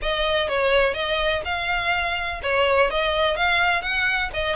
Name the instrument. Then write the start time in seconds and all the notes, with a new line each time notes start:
violin
0.01 D#5
0.48 C#5
0.94 D#5
1.44 F5
2.42 C#5
2.90 D#5
3.36 F5
3.81 F#5
4.33 D#5